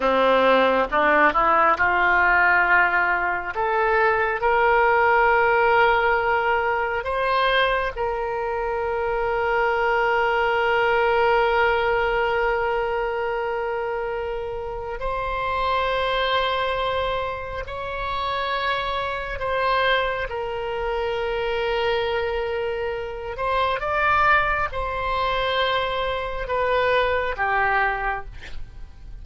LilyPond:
\new Staff \with { instrumentName = "oboe" } { \time 4/4 \tempo 4 = 68 c'4 d'8 e'8 f'2 | a'4 ais'2. | c''4 ais'2.~ | ais'1~ |
ais'4 c''2. | cis''2 c''4 ais'4~ | ais'2~ ais'8 c''8 d''4 | c''2 b'4 g'4 | }